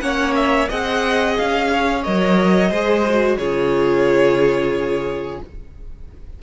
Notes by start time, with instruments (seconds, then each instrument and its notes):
0.00 cello A#3, viola C#4, violin C#5 F#5
0.35 violin E5
0.69 cello C4, viola G#4, violin D#5 F#5
1.38 cello C#4, violin F5
1.72 violin C#5
2.03 cello F#3, viola A#4, violin D#5
2.70 cello G#3, viola G#4, violin C5
3.10 viola F#4
3.37 cello C#3, viola F4, violin G#4 C#5